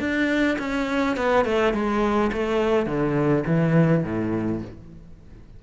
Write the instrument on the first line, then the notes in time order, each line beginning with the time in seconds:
cello
0.00 D4
0.59 C#4
1.17 B3
1.45 A3
1.73 G#3
2.33 A3
2.86 D3
3.46 E3
4.04 A2